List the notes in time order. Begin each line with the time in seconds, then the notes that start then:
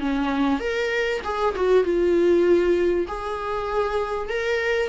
0.00 C#4
0.59 A#4
1.24 G#4
1.56 F#4
1.84 F4
3.08 G#4
4.29 A#4